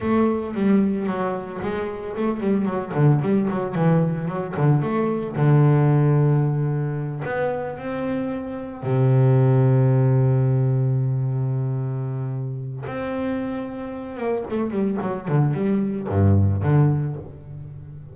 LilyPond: \new Staff \with { instrumentName = "double bass" } { \time 4/4 \tempo 4 = 112 a4 g4 fis4 gis4 | a8 g8 fis8 d8 g8 fis8 e4 | fis8 d8 a4 d2~ | d4. b4 c'4.~ |
c'8 c2.~ c8~ | c1 | c'2~ c'8 ais8 a8 g8 | fis8 d8 g4 g,4 d4 | }